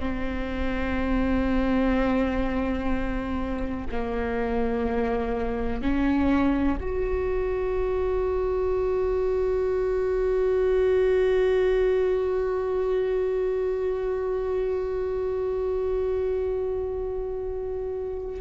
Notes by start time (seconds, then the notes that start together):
0.00 C4
3.92 A#3
5.82 C#4
6.80 F#4